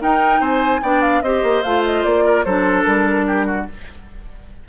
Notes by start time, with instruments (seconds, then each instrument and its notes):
0.00 clarinet D#4, bassoon D#4, oboe A#4, flute G5
0.40 bassoon C4, oboe C5, flute G#5
0.82 bassoon B3, clarinet D4, oboe D5, flute G5
1.01 flute F5
1.22 bassoon C4, clarinet G4, oboe C5, flute D#5
1.43 bassoon A#3
1.62 bassoon A3, clarinet F4, flute F5
1.85 flute D#5
2.03 bassoon A#3, flute D5
2.24 oboe A#4
2.44 bassoon F#3, clarinet D4, oboe A4, flute C5
2.83 bassoon G3, flute A#4
3.26 oboe G4
3.46 oboe F#4